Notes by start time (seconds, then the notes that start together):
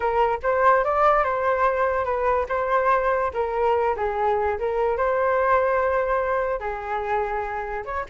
0.00 A#4
0.43 C5
0.84 D5
1.24 C5
2.04 B4
2.48 C5
3.33 A#4
3.96 G#4
4.58 A#4
4.97 C5
6.59 G#4
7.85 C#5